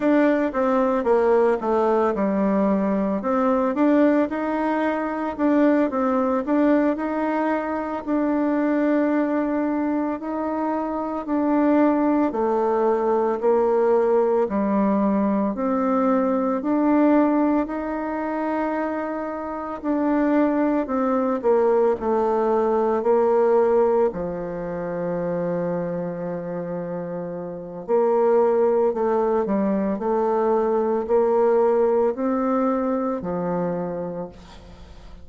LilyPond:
\new Staff \with { instrumentName = "bassoon" } { \time 4/4 \tempo 4 = 56 d'8 c'8 ais8 a8 g4 c'8 d'8 | dis'4 d'8 c'8 d'8 dis'4 d'8~ | d'4. dis'4 d'4 a8~ | a8 ais4 g4 c'4 d'8~ |
d'8 dis'2 d'4 c'8 | ais8 a4 ais4 f4.~ | f2 ais4 a8 g8 | a4 ais4 c'4 f4 | }